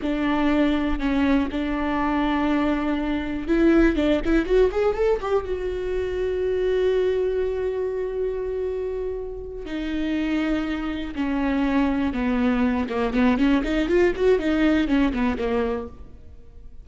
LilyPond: \new Staff \with { instrumentName = "viola" } { \time 4/4 \tempo 4 = 121 d'2 cis'4 d'4~ | d'2. e'4 | d'8 e'8 fis'8 gis'8 a'8 g'8 fis'4~ | fis'1~ |
fis'2.~ fis'8 dis'8~ | dis'2~ dis'8 cis'4.~ | cis'8 b4. ais8 b8 cis'8 dis'8 | f'8 fis'8 dis'4 cis'8 b8 ais4 | }